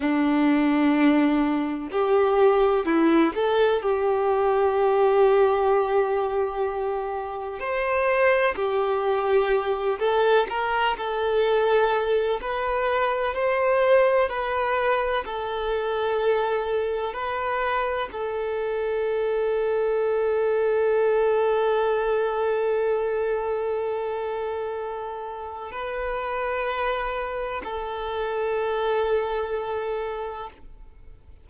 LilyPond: \new Staff \with { instrumentName = "violin" } { \time 4/4 \tempo 4 = 63 d'2 g'4 e'8 a'8 | g'1 | c''4 g'4. a'8 ais'8 a'8~ | a'4 b'4 c''4 b'4 |
a'2 b'4 a'4~ | a'1~ | a'2. b'4~ | b'4 a'2. | }